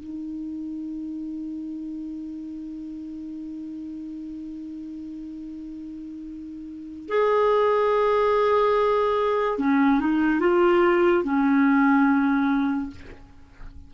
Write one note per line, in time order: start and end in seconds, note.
0.00 7.08 D#4
7.08 9.58 G#4
9.58 10.00 C#4
10.00 10.40 D#4
10.40 11.23 F4
11.23 12.90 C#4